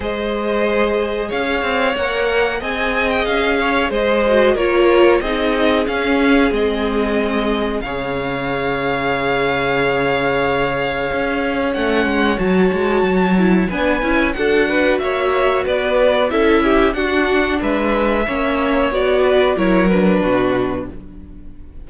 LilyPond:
<<
  \new Staff \with { instrumentName = "violin" } { \time 4/4 \tempo 4 = 92 dis''2 f''4 fis''4 | gis''8. g''16 f''4 dis''4 cis''4 | dis''4 f''4 dis''2 | f''1~ |
f''2 fis''4 a''4~ | a''4 gis''4 fis''4 e''4 | d''4 e''4 fis''4 e''4~ | e''4 d''4 cis''8 b'4. | }
  \new Staff \with { instrumentName = "violin" } { \time 4/4 c''2 cis''2 | dis''4. cis''8 c''4 ais'4 | gis'1 | cis''1~ |
cis''1~ | cis''4 b'4 a'8 b'8 cis''4 | b'4 a'8 g'8 fis'4 b'4 | cis''4. b'8 ais'4 fis'4 | }
  \new Staff \with { instrumentName = "viola" } { \time 4/4 gis'2. ais'4 | gis'2~ gis'8 fis'8 f'4 | dis'4 cis'4 c'2 | gis'1~ |
gis'2 cis'4 fis'4~ | fis'8 e'8 d'8 e'8 fis'2~ | fis'4 e'4 d'2 | cis'4 fis'4 e'8 d'4. | }
  \new Staff \with { instrumentName = "cello" } { \time 4/4 gis2 cis'8 c'8 ais4 | c'4 cis'4 gis4 ais4 | c'4 cis'4 gis2 | cis1~ |
cis4 cis'4 a8 gis8 fis8 gis8 | fis4 b8 cis'8 d'4 ais4 | b4 cis'4 d'4 gis4 | ais4 b4 fis4 b,4 | }
>>